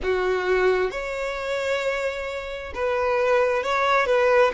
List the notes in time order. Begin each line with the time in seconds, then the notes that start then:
0.02 F#4
0.90 C#5
2.74 B4
3.63 C#5
4.06 B4